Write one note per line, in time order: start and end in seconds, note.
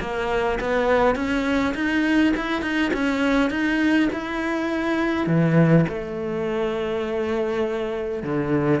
0.00 0.59 A#3
0.60 1.15 B3
1.15 1.74 C#4
1.74 2.33 D#4
2.36 2.61 E4
2.61 2.91 D#4
2.93 3.50 C#4
3.50 4.09 D#4
4.12 5.26 E4
5.26 5.85 E3
5.88 8.22 A3
8.22 8.80 D3